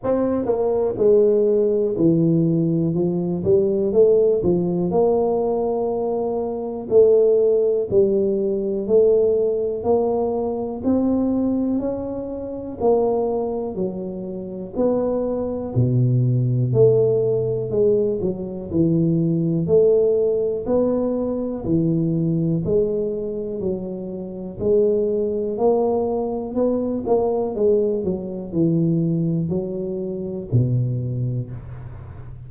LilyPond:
\new Staff \with { instrumentName = "tuba" } { \time 4/4 \tempo 4 = 61 c'8 ais8 gis4 e4 f8 g8 | a8 f8 ais2 a4 | g4 a4 ais4 c'4 | cis'4 ais4 fis4 b4 |
b,4 a4 gis8 fis8 e4 | a4 b4 e4 gis4 | fis4 gis4 ais4 b8 ais8 | gis8 fis8 e4 fis4 b,4 | }